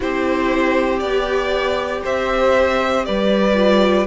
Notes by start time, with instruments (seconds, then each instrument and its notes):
0.00 cello C4, viola E4, violin G4 C5
0.99 cello B3, viola G4, violin D5
2.03 cello C4, violin C5 E5
3.05 cello G3, violin B4 D5
3.54 viola F4